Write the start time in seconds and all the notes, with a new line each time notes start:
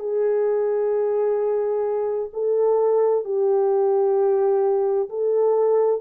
0.00 G#4
2.34 A4
3.25 G4
5.10 A4